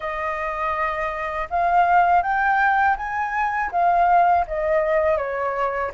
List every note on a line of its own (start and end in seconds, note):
0.00 1.47 D#5
1.50 2.22 F5
2.22 2.96 G5
2.96 3.70 G#5
3.71 4.45 F5
4.47 5.17 D#5
5.17 5.91 C#5